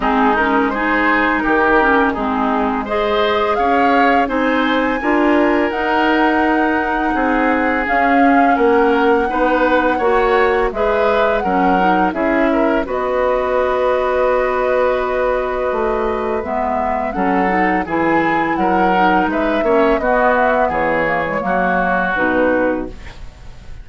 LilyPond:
<<
  \new Staff \with { instrumentName = "flute" } { \time 4/4 \tempo 4 = 84 gis'8 ais'8 c''4 ais'4 gis'4 | dis''4 f''4 gis''2 | fis''2. f''4 | fis''2. e''4 |
fis''4 e''4 dis''2~ | dis''2. e''4 | fis''4 gis''4 fis''4 e''4 | dis''8 e''8 cis''2 b'4 | }
  \new Staff \with { instrumentName = "oboe" } { \time 4/4 dis'4 gis'4 g'4 dis'4 | c''4 cis''4 c''4 ais'4~ | ais'2 gis'2 | ais'4 b'4 cis''4 b'4 |
ais'4 gis'8 ais'8 b'2~ | b'1 | a'4 gis'4 ais'4 b'8 cis''8 | fis'4 gis'4 fis'2 | }
  \new Staff \with { instrumentName = "clarinet" } { \time 4/4 c'8 cis'8 dis'4. cis'8 c'4 | gis'2 dis'4 f'4 | dis'2. cis'4~ | cis'4 dis'4 fis'4 gis'4 |
cis'8 dis'8 e'4 fis'2~ | fis'2. b4 | cis'8 dis'8 e'4. dis'4 cis'8 | b4. ais16 gis16 ais4 dis'4 | }
  \new Staff \with { instrumentName = "bassoon" } { \time 4/4 gis2 dis4 gis4~ | gis4 cis'4 c'4 d'4 | dis'2 c'4 cis'4 | ais4 b4 ais4 gis4 |
fis4 cis'4 b2~ | b2 a4 gis4 | fis4 e4 fis4 gis8 ais8 | b4 e4 fis4 b,4 | }
>>